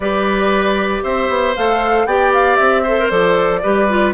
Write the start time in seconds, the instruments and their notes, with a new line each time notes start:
0.00 bassoon G3, clarinet G4, oboe B4, flute D5
1.03 bassoon C4, oboe C5, flute E5
1.29 bassoon B3
1.55 bassoon A3, clarinet A4, flute F5
2.05 bassoon B3, clarinet G4, oboe D5, flute G5
2.33 flute F5
2.56 bassoon C4, flute E5
2.82 clarinet A4, oboe C5
2.99 clarinet A#4
3.09 bassoon F3, clarinet A4, flute D5
3.62 bassoon G3, clarinet G4, oboe B4
3.88 clarinet F4